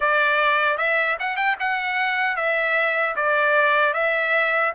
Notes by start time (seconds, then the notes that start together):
0.00 D5
0.77 E5
1.19 F#5
1.36 G5
1.59 F#5
2.36 E5
3.16 D5
3.93 E5